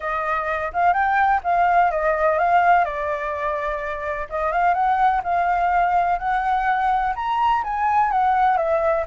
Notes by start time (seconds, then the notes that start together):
0.00 D#5
0.73 F5
0.93 G5
1.43 F5
1.91 D#5
2.38 F5
2.84 D5
4.29 D#5
4.52 F5
4.73 F#5
5.23 F5
6.19 F#5
7.15 A#5
7.63 G#5
8.11 F#5
8.57 E5